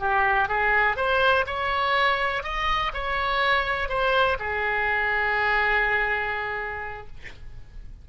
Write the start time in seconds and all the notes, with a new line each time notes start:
0.00 G4
0.49 G#4
0.97 C5
1.47 C#5
2.44 D#5
2.94 C#5
3.89 C5
4.39 G#4